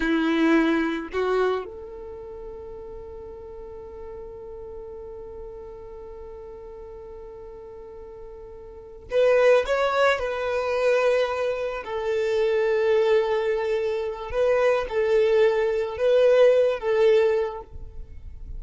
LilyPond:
\new Staff \with { instrumentName = "violin" } { \time 4/4 \tempo 4 = 109 e'2 fis'4 a'4~ | a'1~ | a'1~ | a'1~ |
a'8 b'4 cis''4 b'4.~ | b'4. a'2~ a'8~ | a'2 b'4 a'4~ | a'4 b'4. a'4. | }